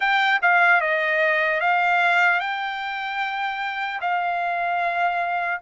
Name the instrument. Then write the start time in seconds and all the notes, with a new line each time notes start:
trumpet
0.00 G5
0.42 F5
0.80 D#5
1.60 F5
2.40 G5
4.00 F5